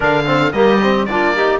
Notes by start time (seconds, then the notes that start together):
0.00 D3 D4 A#4 F5
0.26 C4 A4
0.52 G3 A#3 G4 D#5
0.81 C4
1.05 A#3 D4 F4 D5
1.34 D#4 G4